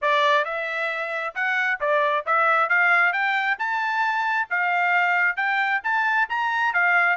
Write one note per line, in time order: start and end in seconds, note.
0.01 0.45 D5
0.45 1.34 E5
1.34 1.79 F#5
1.80 2.25 D5
2.26 2.69 E5
2.69 3.12 F5
3.12 3.57 G5
3.58 4.48 A5
4.50 5.36 F5
5.36 5.81 G5
5.83 6.28 A5
6.29 6.73 A#5
6.73 7.16 F5